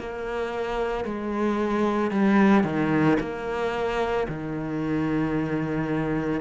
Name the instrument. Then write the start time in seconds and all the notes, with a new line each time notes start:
cello
0.00 A#3
1.05 G#3
2.11 G3
2.64 D#3
3.20 A#3
4.29 D#3